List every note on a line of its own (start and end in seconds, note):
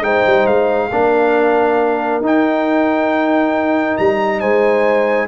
0.00 0.22 G#3
0.00 0.90 D#4
0.00 0.90 C5
0.00 0.47 G5
0.26 0.46 G3
0.46 0.90 G#3
0.46 2.22 F5
0.90 2.20 A#3
0.90 2.22 D4
0.90 4.40 A#4
2.20 3.96 D#4
2.20 5.28 D#4
2.20 3.97 G5
3.97 4.42 G3
3.97 4.40 A#5
4.40 5.28 G#3
4.40 5.27 C5
4.40 5.28 G#5